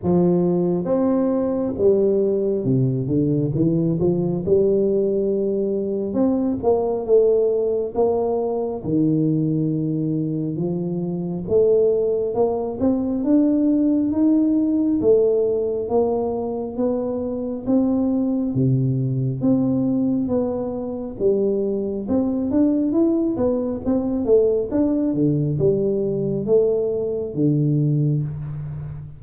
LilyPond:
\new Staff \with { instrumentName = "tuba" } { \time 4/4 \tempo 4 = 68 f4 c'4 g4 c8 d8 | e8 f8 g2 c'8 ais8 | a4 ais4 dis2 | f4 a4 ais8 c'8 d'4 |
dis'4 a4 ais4 b4 | c'4 c4 c'4 b4 | g4 c'8 d'8 e'8 b8 c'8 a8 | d'8 d8 g4 a4 d4 | }